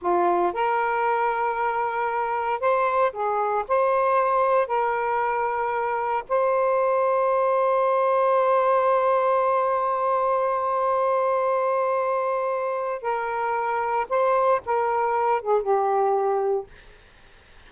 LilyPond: \new Staff \with { instrumentName = "saxophone" } { \time 4/4 \tempo 4 = 115 f'4 ais'2.~ | ais'4 c''4 gis'4 c''4~ | c''4 ais'2. | c''1~ |
c''1~ | c''1~ | c''4 ais'2 c''4 | ais'4. gis'8 g'2 | }